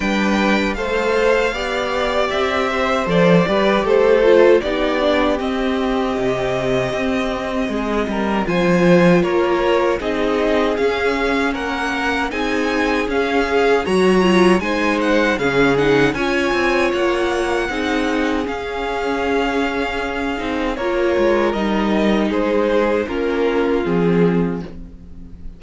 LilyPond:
<<
  \new Staff \with { instrumentName = "violin" } { \time 4/4 \tempo 4 = 78 g''4 f''2 e''4 | d''4 c''4 d''4 dis''4~ | dis''2. gis''4 | cis''4 dis''4 f''4 fis''4 |
gis''4 f''4 ais''4 gis''8 fis''8 | f''8 fis''8 gis''4 fis''2 | f''2. cis''4 | dis''4 c''4 ais'4 gis'4 | }
  \new Staff \with { instrumentName = "violin" } { \time 4/4 b'4 c''4 d''4. c''8~ | c''8 b'8 a'4 g'2~ | g'2 gis'8 ais'8 c''4 | ais'4 gis'2 ais'4 |
gis'2 cis''4 c''4 | gis'4 cis''2 gis'4~ | gis'2. ais'4~ | ais'4 gis'4 f'2 | }
  \new Staff \with { instrumentName = "viola" } { \time 4/4 d'4 a'4 g'2 | a'8 g'4 f'8 dis'8 d'8 c'4~ | c'2. f'4~ | f'4 dis'4 cis'2 |
dis'4 cis'8 gis'8 fis'8 f'8 dis'4 | cis'8 dis'8 f'2 dis'4 | cis'2~ cis'8 dis'8 f'4 | dis'2 cis'4 c'4 | }
  \new Staff \with { instrumentName = "cello" } { \time 4/4 g4 a4 b4 c'4 | f8 g8 a4 b4 c'4 | c4 c'4 gis8 g8 f4 | ais4 c'4 cis'4 ais4 |
c'4 cis'4 fis4 gis4 | cis4 cis'8 c'8 ais4 c'4 | cis'2~ cis'8 c'8 ais8 gis8 | g4 gis4 ais4 f4 | }
>>